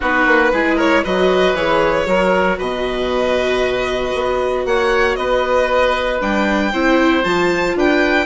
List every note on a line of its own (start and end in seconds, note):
0.00 0.26 B3
0.00 0.52 D#4
0.00 0.52 F#4
0.00 0.78 B4
0.26 0.52 A#3
0.52 1.04 G#3
0.52 1.05 E4
0.52 0.75 G#4
0.75 1.01 A#4
0.75 1.04 C#5
1.03 1.53 F#3
1.03 1.56 F#4
1.03 2.07 B4
1.03 1.55 D#5
1.53 2.05 E3
1.53 2.05 G#4
1.53 2.58 C#5
2.05 2.58 F#3
2.05 6.19 F#4
2.05 2.57 A#4
2.57 4.14 B2
2.57 4.64 B4
2.57 4.66 D#5
4.14 4.65 B3
4.65 5.16 A#3
4.65 5.18 C#5
4.65 5.15 F#5
5.15 6.20 B3
5.15 6.72 B4
5.15 6.19 D#5
6.19 6.72 G3
6.19 6.71 D4
6.19 7.23 G5
6.72 7.24 C4
6.72 7.23 E4
6.72 7.76 C5
7.23 7.75 F3
7.23 8.26 F4
7.23 7.75 A5
7.75 8.26 D4
7.75 8.26 B4
7.75 8.26 G5